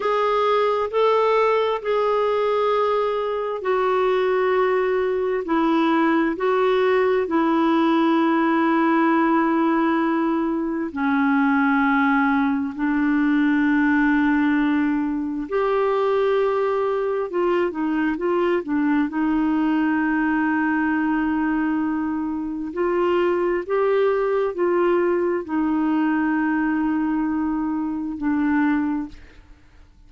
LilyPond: \new Staff \with { instrumentName = "clarinet" } { \time 4/4 \tempo 4 = 66 gis'4 a'4 gis'2 | fis'2 e'4 fis'4 | e'1 | cis'2 d'2~ |
d'4 g'2 f'8 dis'8 | f'8 d'8 dis'2.~ | dis'4 f'4 g'4 f'4 | dis'2. d'4 | }